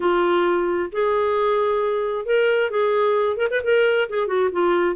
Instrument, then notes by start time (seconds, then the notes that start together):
clarinet
0.00 F4
0.91 G#4
2.25 A#4
2.70 G#4
3.36 A#4
3.50 B4
3.63 A#4
4.09 G#4
4.27 F#4
4.52 F4